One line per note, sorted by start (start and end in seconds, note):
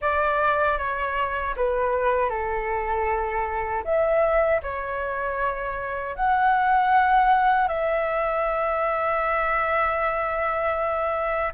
0.01 0.77 D5
0.77 1.54 C#5
1.56 2.29 B4
2.29 3.83 A4
3.84 4.61 E5
4.62 6.15 C#5
6.15 7.67 F#5
7.67 11.52 E5